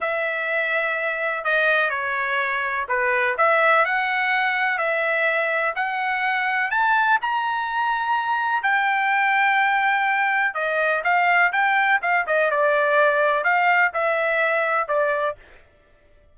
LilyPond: \new Staff \with { instrumentName = "trumpet" } { \time 4/4 \tempo 4 = 125 e''2. dis''4 | cis''2 b'4 e''4 | fis''2 e''2 | fis''2 a''4 ais''4~ |
ais''2 g''2~ | g''2 dis''4 f''4 | g''4 f''8 dis''8 d''2 | f''4 e''2 d''4 | }